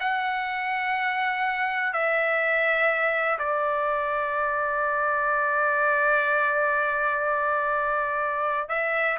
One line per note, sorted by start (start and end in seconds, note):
0.00 1.94 F#5
1.94 3.39 E5
3.39 8.69 D5
8.69 9.17 E5